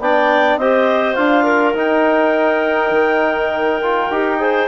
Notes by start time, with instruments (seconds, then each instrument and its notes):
0.00 bassoon B3, trombone D4, clarinet D5 G5
0.57 bassoon C4, trombone G4, clarinet C5 D#5
1.15 bassoon D4, trombone F4, clarinet F5
1.44 clarinet A#4
1.74 bassoon D#4, trombone D#4, clarinet G5
2.91 bassoon D#3
3.82 trombone F4
4.10 bassoon D#4, trombone G4
4.40 trombone G#4, clarinet C5